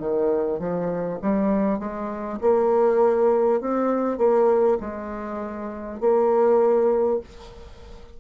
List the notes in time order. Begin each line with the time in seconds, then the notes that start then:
0.00 D#3
0.59 F3
1.22 G3
1.79 G#3
2.41 A#3
3.61 C4
4.18 A#3
4.80 G#3
6.00 A#3